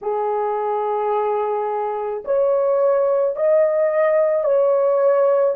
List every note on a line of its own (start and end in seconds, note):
0.01 2.23 G#4
2.25 3.35 C#5
3.35 4.43 D#5
4.43 5.55 C#5